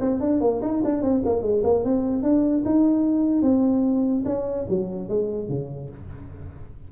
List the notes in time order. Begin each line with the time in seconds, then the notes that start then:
0.00 C4
0.20 D4
0.40 A#3
0.61 D#4
0.84 D4
1.01 C4
1.25 A#3
1.42 G#3
1.63 A#3
1.84 C4
2.22 D4
2.65 D#4
3.42 C4
4.25 C#4
4.68 F#3
5.09 G#3
5.48 C#3